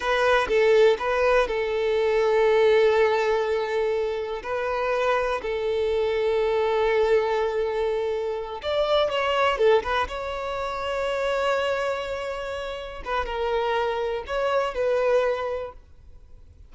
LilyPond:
\new Staff \with { instrumentName = "violin" } { \time 4/4 \tempo 4 = 122 b'4 a'4 b'4 a'4~ | a'1~ | a'4 b'2 a'4~ | a'1~ |
a'4. d''4 cis''4 a'8 | b'8 cis''2.~ cis''8~ | cis''2~ cis''8 b'8 ais'4~ | ais'4 cis''4 b'2 | }